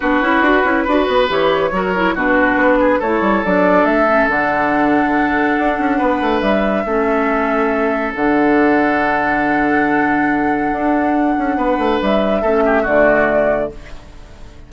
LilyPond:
<<
  \new Staff \with { instrumentName = "flute" } { \time 4/4 \tempo 4 = 140 b'2. cis''4~ | cis''4 b'2 cis''4 | d''4 e''4 fis''2~ | fis''2. e''4~ |
e''2. fis''4~ | fis''1~ | fis''1 | e''2 d''2 | }
  \new Staff \with { instrumentName = "oboe" } { \time 4/4 fis'2 b'2 | ais'4 fis'4. gis'8 a'4~ | a'1~ | a'2 b'2 |
a'1~ | a'1~ | a'2. b'4~ | b'4 a'8 g'8 fis'2 | }
  \new Staff \with { instrumentName = "clarinet" } { \time 4/4 d'8 e'8 fis'8 e'8 fis'4 g'4 | fis'8 e'8 d'2 e'4 | d'4. cis'8 d'2~ | d'1 |
cis'2. d'4~ | d'1~ | d'1~ | d'4 cis'4 a2 | }
  \new Staff \with { instrumentName = "bassoon" } { \time 4/4 b8 cis'8 d'8 cis'8 d'8 b8 e4 | fis4 b,4 b4 a8 g8 | fis4 a4 d2~ | d4 d'8 cis'8 b8 a8 g4 |
a2. d4~ | d1~ | d4 d'4. cis'8 b8 a8 | g4 a4 d2 | }
>>